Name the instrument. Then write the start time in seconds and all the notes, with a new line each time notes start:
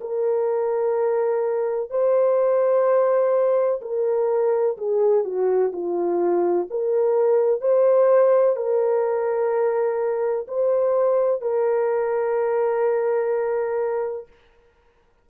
horn
0.00 A#4
1.90 C5
3.81 A#4
4.77 G#4
5.24 F#4
5.72 F4
6.70 A#4
7.61 C5
8.55 A#4
10.47 C5
11.41 A#4